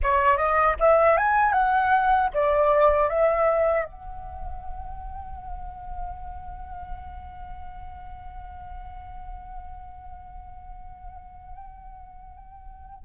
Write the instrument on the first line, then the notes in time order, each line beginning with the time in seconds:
flute
0.02 C#5
0.37 D#5
0.79 E5
1.17 G#5
1.52 F#5
2.33 D5
3.09 E5
3.85 F#5